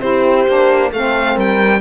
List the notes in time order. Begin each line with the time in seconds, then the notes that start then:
0.00 C4 E4 G4 C5
0.47 A#3 D4
0.91 A3 C4 A4 F5
1.35 G3 A#4 G5